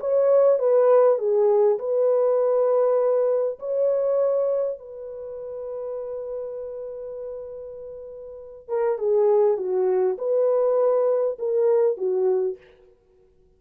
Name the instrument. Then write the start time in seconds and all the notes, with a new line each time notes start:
horn
0.00 C#5
0.59 B4
1.18 G#4
1.79 B4
3.59 C#5
4.79 B4
8.68 A#4
8.98 G#4
9.57 F#4
10.18 B4
11.39 A#4
11.97 F#4